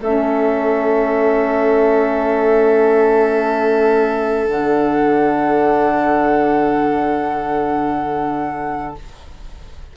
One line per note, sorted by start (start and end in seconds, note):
0.00 4.48 A3
0.00 4.47 C#4
0.00 8.97 A4
0.00 4.47 E5
4.47 8.96 D3
4.47 8.95 D4
4.47 8.95 F#5